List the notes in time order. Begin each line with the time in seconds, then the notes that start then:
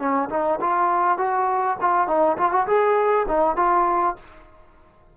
0.00 C#4
0.30 D#4
0.61 F4
1.18 F#4
1.82 F4
2.08 D#4
2.38 F4
2.52 F#4
2.67 G#4
3.29 D#4
3.57 F4